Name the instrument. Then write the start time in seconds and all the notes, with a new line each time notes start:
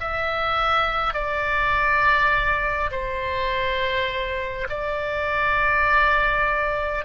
oboe
0.00 E5
1.14 D5
2.91 C5
4.70 D5